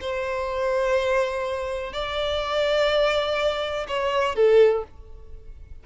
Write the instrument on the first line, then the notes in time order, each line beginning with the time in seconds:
violin
0.00 C5
1.92 D5
3.87 C#5
4.35 A4